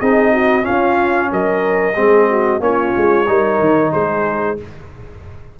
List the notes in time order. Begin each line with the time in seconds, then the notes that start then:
0.00 C4 D#4 G#4 D#5
0.32 F#4
0.63 C#4 F4 F5
0.69 C#4
1.32 F#3 A#4 D#5
1.96 G#3 C4 G#4
2.30 F#4
2.60 A#3 C#4 F4 C#5
2.97 G#3
3.27 G3 D#4 A#4
3.60 D#3
3.93 G#3 G#4 C5